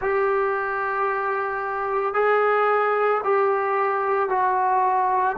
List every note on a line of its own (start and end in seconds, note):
0.01 2.14 G4
2.14 3.21 G#4
3.24 4.29 G4
4.29 5.36 F#4